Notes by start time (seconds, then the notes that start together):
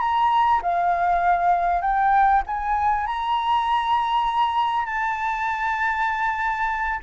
0.00 A#5
0.62 F5
1.81 G5
2.47 G#5
3.07 A#5
4.86 A5